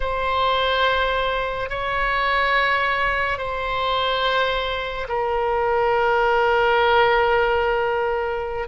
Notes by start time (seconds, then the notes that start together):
0.00 C5
1.69 C#5
3.38 C5
5.08 A#4